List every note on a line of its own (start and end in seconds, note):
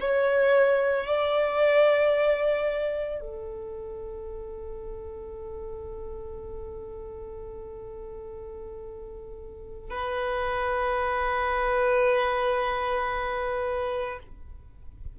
0.00 1.06 C#5
1.06 3.20 D5
3.20 9.90 A4
9.90 14.19 B4